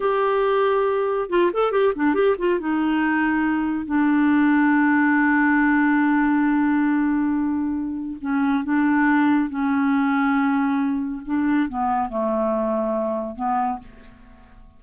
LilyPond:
\new Staff \with { instrumentName = "clarinet" } { \time 4/4 \tempo 4 = 139 g'2. f'8 a'8 | g'8 d'8 g'8 f'8 dis'2~ | dis'4 d'2.~ | d'1~ |
d'2. cis'4 | d'2 cis'2~ | cis'2 d'4 b4 | a2. b4 | }